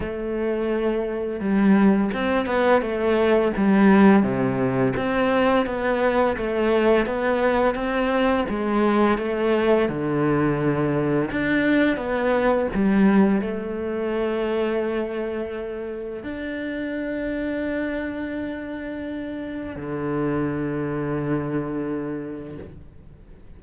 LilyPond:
\new Staff \with { instrumentName = "cello" } { \time 4/4 \tempo 4 = 85 a2 g4 c'8 b8 | a4 g4 c4 c'4 | b4 a4 b4 c'4 | gis4 a4 d2 |
d'4 b4 g4 a4~ | a2. d'4~ | d'1 | d1 | }